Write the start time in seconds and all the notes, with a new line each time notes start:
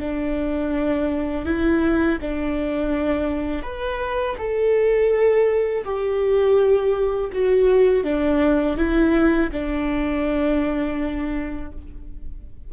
0.00 D4
1.45 E4
2.21 D4
3.63 B4
4.38 A4
5.84 G4
7.32 F#4
8.04 D4
8.77 E4
9.52 D4